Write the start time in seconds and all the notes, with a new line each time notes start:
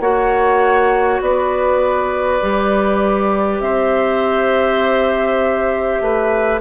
0.00 A#3 F#4 C#5 F#5
1.21 B3 B4 D5
2.42 G3 G4
3.60 C4 C5 E5
6.01 A3 B4